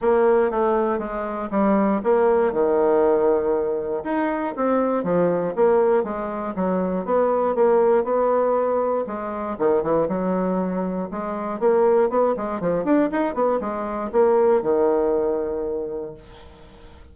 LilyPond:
\new Staff \with { instrumentName = "bassoon" } { \time 4/4 \tempo 4 = 119 ais4 a4 gis4 g4 | ais4 dis2. | dis'4 c'4 f4 ais4 | gis4 fis4 b4 ais4 |
b2 gis4 dis8 e8 | fis2 gis4 ais4 | b8 gis8 f8 d'8 dis'8 b8 gis4 | ais4 dis2. | }